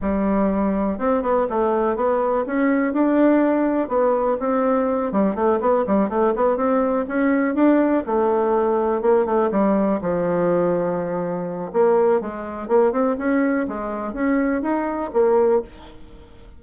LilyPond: \new Staff \with { instrumentName = "bassoon" } { \time 4/4 \tempo 4 = 123 g2 c'8 b8 a4 | b4 cis'4 d'2 | b4 c'4. g8 a8 b8 | g8 a8 b8 c'4 cis'4 d'8~ |
d'8 a2 ais8 a8 g8~ | g8 f2.~ f8 | ais4 gis4 ais8 c'8 cis'4 | gis4 cis'4 dis'4 ais4 | }